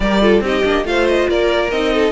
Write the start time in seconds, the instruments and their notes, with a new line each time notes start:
0.00 cello G3, viola G4, violin A#4 D5
0.21 viola F4, violin A4
0.40 cello C4, viola D#4, violin G4 D#5
0.64 cello A#3, viola D4
0.84 cello A3, viola F4, violin C5 F5
1.07 violin D#5
1.29 cello A#3, violin A#4 D5
1.70 cello C4, viola D#4, violin D#5
1.93 violin A4